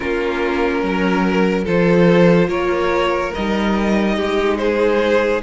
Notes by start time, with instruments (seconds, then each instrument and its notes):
0.00 cello A#3, viola C#4, violin F4 A#4
0.82 cello F#3, violin A#4
1.64 cello F3, viola F4, violin A4 C5
2.48 cello A#3, violin A#4 C#5
3.34 cello G3, viola D#4, violin D#5
4.16 cello G#3, violin G4
4.57 violin G#4 C5